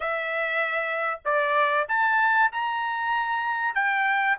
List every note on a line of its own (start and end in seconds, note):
0.00 1.20 E5
1.24 1.87 D5
1.88 2.51 A5
2.52 3.74 A#5
3.74 4.37 G5